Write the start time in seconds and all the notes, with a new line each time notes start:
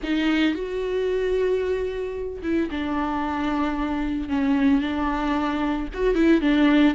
0.03 D#4
0.54 F#4
2.42 E4
2.71 D4
4.29 C#4
4.81 D4
5.93 F#4
6.14 E4
6.41 D4